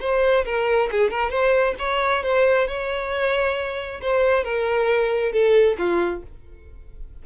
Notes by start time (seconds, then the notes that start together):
0.00 C5
0.45 A#4
0.91 G#4
1.10 A#4
1.30 C5
1.78 C#5
2.23 C5
2.67 C#5
4.01 C5
4.44 A#4
5.32 A4
5.78 F4